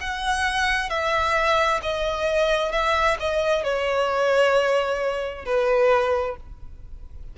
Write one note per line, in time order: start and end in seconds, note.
0.00 0.89 F#5
0.89 1.80 E5
1.82 2.71 D#5
2.71 3.17 E5
3.19 3.63 D#5
3.63 5.45 C#5
5.45 6.36 B4